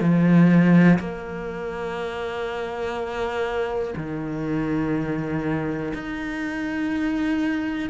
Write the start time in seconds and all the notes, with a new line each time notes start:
0.00 F3
0.99 A#3
3.96 D#3
5.94 D#4